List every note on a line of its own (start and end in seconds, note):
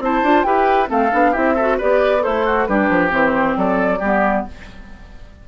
0.00 0.22 C4
0.00 0.24 E4
0.00 0.47 C5
0.00 0.43 A5
0.23 0.45 D4
0.23 0.46 F4
0.43 0.90 E4
0.43 0.87 G4
0.43 0.90 B4
0.43 0.88 G5
0.87 1.12 A3
0.87 1.09 C4
0.87 1.32 A4
0.87 1.34 F5
1.12 1.36 B3
1.12 1.34 D4
1.32 1.81 C4
1.32 1.56 E4
1.32 1.54 G4
1.32 1.79 E5
1.55 1.81 F#4
1.55 1.78 A4
1.78 2.26 B3
1.78 2.20 G4
1.78 2.23 B4
1.78 2.24 D5
2.20 2.46 E4
2.20 2.64 A4
2.20 2.66 C5
2.26 2.69 A3
2.46 2.68 F#4
2.66 2.90 G3
2.66 3.10 D4
2.66 3.58 G4
2.66 3.10 B4
2.90 3.12 F3
3.10 3.57 E3
3.10 3.99 C4
3.10 3.57 C5
3.57 4.01 F#3
3.57 3.99 A4
3.57 4.46 D5
3.99 4.46 G3
3.99 4.48 B3
3.99 4.44 G4